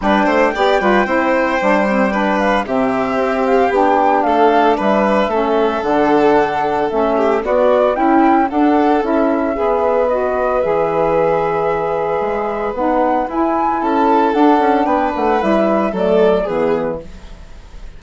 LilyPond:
<<
  \new Staff \with { instrumentName = "flute" } { \time 4/4 \tempo 4 = 113 g''1~ | g''8 f''8 e''4. f''8 g''4 | f''4 e''2 fis''4~ | fis''4 e''4 d''4 g''4 |
fis''4 e''2 dis''4 | e''1 | fis''4 gis''4 a''4 fis''4 | g''8 fis''8 e''4 d''4 b'4 | }
  \new Staff \with { instrumentName = "violin" } { \time 4/4 b'8 c''8 d''8 b'8 c''2 | b'4 g'2. | a'4 b'4 a'2~ | a'4. g'8 fis'4 e'4 |
a'2 b'2~ | b'1~ | b'2 a'2 | b'2 a'4 gis'4 | }
  \new Staff \with { instrumentName = "saxophone" } { \time 4/4 d'4 g'8 f'8 e'4 d'8 c'8 | d'4 c'2 d'4~ | d'2 cis'4 d'4~ | d'4 cis'4 b4 e'4 |
d'4 e'4 gis'4 fis'4 | gis'1 | dis'4 e'2 d'4~ | d'4 e'4 a4 b4 | }
  \new Staff \with { instrumentName = "bassoon" } { \time 4/4 g8 a8 b8 g8 c'4 g4~ | g4 c4 c'4 b4 | a4 g4 a4 d4~ | d4 a4 b4 cis'4 |
d'4 cis'4 b2 | e2. gis4 | b4 e'4 cis'4 d'8 cis'8 | b8 a8 g4 fis4 e4 | }
>>